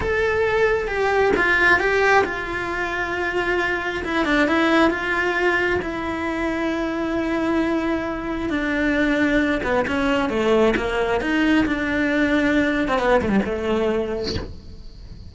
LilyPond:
\new Staff \with { instrumentName = "cello" } { \time 4/4 \tempo 4 = 134 a'2 g'4 f'4 | g'4 f'2.~ | f'4 e'8 d'8 e'4 f'4~ | f'4 e'2.~ |
e'2. d'4~ | d'4. b8 cis'4 a4 | ais4 dis'4 d'2~ | d'8. c'16 b8 a16 g16 a2 | }